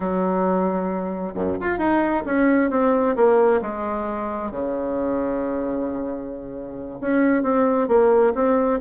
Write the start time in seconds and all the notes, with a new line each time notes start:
0.00 F#3
1.34 F#2
1.60 F4
1.78 D#4
2.25 C#4
2.70 C4
3.15 A#3
3.61 G#3
4.51 C#3
7.00 C#4
7.42 C4
7.88 A#3
8.35 C4